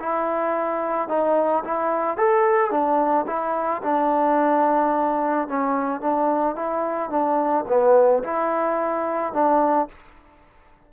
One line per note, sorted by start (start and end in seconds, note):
0.00 1.09 E4
1.09 1.64 D#4
1.64 2.17 E4
2.17 2.71 A4
2.71 3.26 D4
3.27 3.82 E4
3.83 5.48 D4
5.48 6.01 C#4
6.01 6.56 D4
6.56 7.10 E4
7.10 7.65 D4
7.68 8.23 B3
8.24 9.33 E4
9.33 9.88 D4